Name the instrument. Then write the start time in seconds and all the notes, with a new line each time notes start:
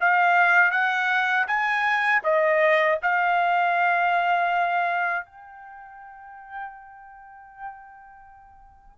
trumpet
0.00 F5
0.71 F#5
1.47 G#5
2.23 D#5
3.02 F5
5.25 G5